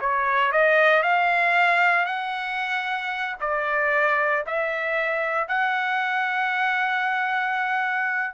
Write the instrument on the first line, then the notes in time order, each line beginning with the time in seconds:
trumpet
0.00 C#5
0.52 D#5
1.02 F5
2.05 F#5
3.40 D5
4.46 E5
5.48 F#5